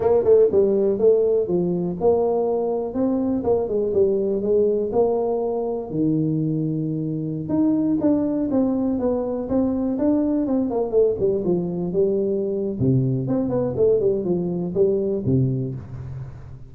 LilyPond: \new Staff \with { instrumentName = "tuba" } { \time 4/4 \tempo 4 = 122 ais8 a8 g4 a4 f4 | ais2 c'4 ais8 gis8 | g4 gis4 ais2 | dis2.~ dis16 dis'8.~ |
dis'16 d'4 c'4 b4 c'8.~ | c'16 d'4 c'8 ais8 a8 g8 f8.~ | f16 g4.~ g16 c4 c'8 b8 | a8 g8 f4 g4 c4 | }